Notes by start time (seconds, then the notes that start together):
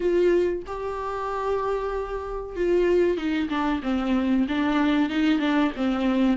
0.00 F4
0.66 G4
2.56 F4
3.17 D#4
3.49 D4
3.82 C4
4.48 D4
5.09 D#4
5.39 D4
5.76 C4